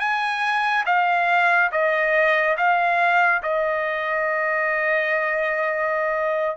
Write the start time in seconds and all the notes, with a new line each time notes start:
0.00 G#5
0.86 F5
1.72 D#5
2.57 F5
3.43 D#5